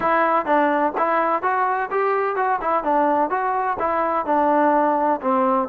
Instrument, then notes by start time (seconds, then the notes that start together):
trombone
0.00 E4
0.45 D4
0.97 E4
1.42 F#4
1.90 G4
2.36 F#4
2.61 E4
2.83 D4
3.30 F#4
3.79 E4
4.25 D4
5.21 C4